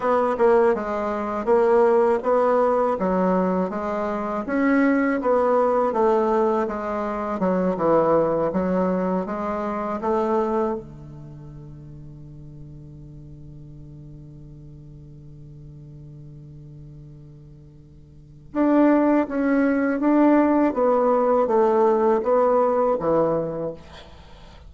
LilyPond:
\new Staff \with { instrumentName = "bassoon" } { \time 4/4 \tempo 4 = 81 b8 ais8 gis4 ais4 b4 | fis4 gis4 cis'4 b4 | a4 gis4 fis8 e4 fis8~ | fis8 gis4 a4 d4.~ |
d1~ | d1~ | d4 d'4 cis'4 d'4 | b4 a4 b4 e4 | }